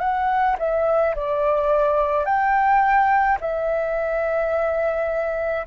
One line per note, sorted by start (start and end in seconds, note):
0.00 0.57 F#5
0.59 1.15 E5
1.16 2.25 D5
2.25 3.39 G5
3.41 5.67 E5